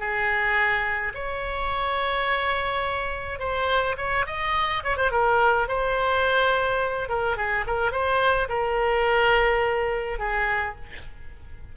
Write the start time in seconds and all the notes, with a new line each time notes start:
0.00 G#4
1.14 C#5
3.40 C5
3.98 C#5
4.27 D#5
4.84 C#5
4.97 C5
5.11 A#4
5.68 C5
7.09 A#4
7.37 G#4
7.67 A#4
7.92 C5
8.49 A#4
10.19 G#4